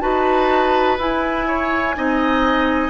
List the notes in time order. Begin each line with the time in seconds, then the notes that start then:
0.00 D#4 F#4 B4 A5
0.98 E4 G#5
1.47 C#5
1.94 C4 D#4 D#5